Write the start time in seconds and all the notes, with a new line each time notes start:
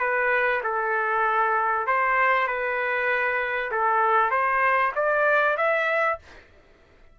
0.00 B4
0.64 A4
1.87 C5
2.48 B4
3.72 A4
4.31 C5
4.96 D5
5.58 E5